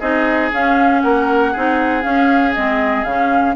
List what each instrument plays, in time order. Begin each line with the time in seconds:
0.00 bassoon C4, clarinet D#4, oboe G#4, flute D#5
0.53 bassoon C#4, clarinet C#4, flute F5
1.01 bassoon A#3, oboe A#4, flute F#5
1.52 bassoon C4, clarinet D#4, oboe G#4
2.03 clarinet C#4, bassoon C#4, flute F5
2.54 bassoon G#3, clarinet C4, flute D#5
3.04 bassoon C#3, clarinet C#4, flute F5